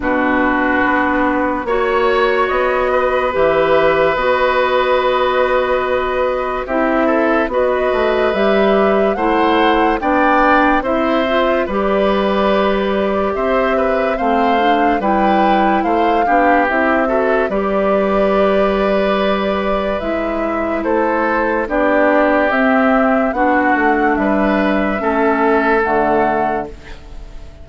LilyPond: <<
  \new Staff \with { instrumentName = "flute" } { \time 4/4 \tempo 4 = 72 b'2 cis''4 dis''4 | e''4 dis''2. | e''4 dis''4 e''4 fis''4 | g''4 e''4 d''2 |
e''4 f''4 g''4 f''4 | e''4 d''2. | e''4 c''4 d''4 e''4 | fis''4 e''2 fis''4 | }
  \new Staff \with { instrumentName = "oboe" } { \time 4/4 fis'2 cis''4. b'8~ | b'1 | g'8 a'8 b'2 c''4 | d''4 c''4 b'2 |
c''8 b'8 c''4 b'4 c''8 g'8~ | g'8 a'8 b'2.~ | b'4 a'4 g'2 | fis'4 b'4 a'2 | }
  \new Staff \with { instrumentName = "clarinet" } { \time 4/4 d'2 fis'2 | g'4 fis'2. | e'4 fis'4 g'4 e'4 | d'4 e'8 f'8 g'2~ |
g'4 c'8 d'8 e'4. d'8 | e'8 fis'8 g'2. | e'2 d'4 c'4 | d'2 cis'4 a4 | }
  \new Staff \with { instrumentName = "bassoon" } { \time 4/4 b,4 b4 ais4 b4 | e4 b2. | c'4 b8 a8 g4 a4 | b4 c'4 g2 |
c'4 a4 g4 a8 b8 | c'4 g2. | gis4 a4 b4 c'4 | b8 a8 g4 a4 d4 | }
>>